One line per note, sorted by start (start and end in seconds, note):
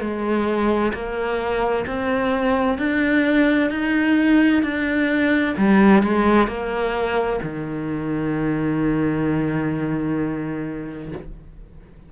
0.00 0.92 G#3
0.93 1.85 A#3
1.86 2.78 C4
2.78 3.70 D4
3.70 4.62 D#4
4.62 5.55 D4
5.57 6.02 G3
6.02 6.47 G#3
6.47 7.39 A#3
7.43 11.12 D#3